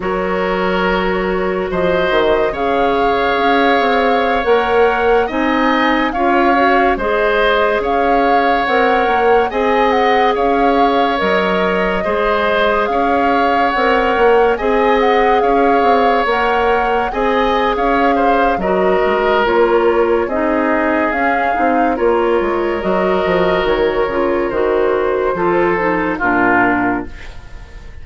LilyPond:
<<
  \new Staff \with { instrumentName = "flute" } { \time 4/4 \tempo 4 = 71 cis''2 dis''4 f''4~ | f''4~ f''16 fis''4 gis''4 f''8.~ | f''16 dis''4 f''4 fis''4 gis''8 fis''16~ | fis''16 f''4 dis''2 f''8.~ |
f''16 fis''4 gis''8 fis''8 f''4 fis''8.~ | fis''16 gis''8. f''4 dis''4 cis''4 | dis''4 f''4 cis''4 dis''4 | cis''4 c''2 ais'4 | }
  \new Staff \with { instrumentName = "oboe" } { \time 4/4 ais'2 c''4 cis''4~ | cis''2~ cis''16 dis''4 cis''8.~ | cis''16 c''4 cis''2 dis''8.~ | dis''16 cis''2 c''4 cis''8.~ |
cis''4~ cis''16 dis''4 cis''4.~ cis''16~ | cis''16 dis''8. cis''8 c''8 ais'2 | gis'2 ais'2~ | ais'2 a'4 f'4 | }
  \new Staff \with { instrumentName = "clarinet" } { \time 4/4 fis'2. gis'4~ | gis'4~ gis'16 ais'4 dis'4 f'8 fis'16~ | fis'16 gis'2 ais'4 gis'8.~ | gis'4~ gis'16 ais'4 gis'4.~ gis'16~ |
gis'16 ais'4 gis'2 ais'8.~ | ais'16 gis'4.~ gis'16 fis'4 f'4 | dis'4 cis'8 dis'8 f'4 fis'4~ | fis'8 f'8 fis'4 f'8 dis'8 d'4 | }
  \new Staff \with { instrumentName = "bassoon" } { \time 4/4 fis2 f8 dis8 cis4 | cis'8 c'8. ais4 c'4 cis'8.~ | cis'16 gis4 cis'4 c'8 ais8 c'8.~ | c'16 cis'4 fis4 gis4 cis'8.~ |
cis'16 c'8 ais8 c'4 cis'8 c'8 ais8.~ | ais16 c'8. cis'4 fis8 gis8 ais4 | c'4 cis'8 c'8 ais8 gis8 fis8 f8 | dis8 cis8 dis4 f4 ais,4 | }
>>